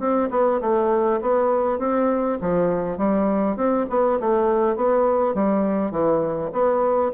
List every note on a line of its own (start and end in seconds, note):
0.00 0.30 C4
0.31 0.60 B3
0.61 1.21 A3
1.22 1.79 B3
1.79 2.39 C4
2.41 2.98 F3
2.98 3.57 G3
3.57 3.87 C4
3.90 4.20 B3
4.20 4.76 A3
4.76 5.35 B3
5.35 5.92 G3
5.92 6.51 E3
6.53 7.12 B3